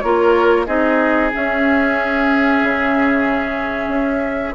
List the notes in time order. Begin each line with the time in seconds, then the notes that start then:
0.00 A#3 F4 A#4 C#5
0.66 C4 D#4 G#4 D#5
1.33 C#4 E5
2.63 C#3
3.87 C#4